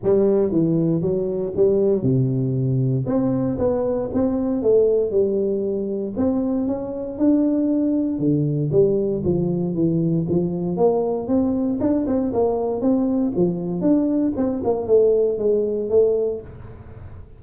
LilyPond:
\new Staff \with { instrumentName = "tuba" } { \time 4/4 \tempo 4 = 117 g4 e4 fis4 g4 | c2 c'4 b4 | c'4 a4 g2 | c'4 cis'4 d'2 |
d4 g4 f4 e4 | f4 ais4 c'4 d'8 c'8 | ais4 c'4 f4 d'4 | c'8 ais8 a4 gis4 a4 | }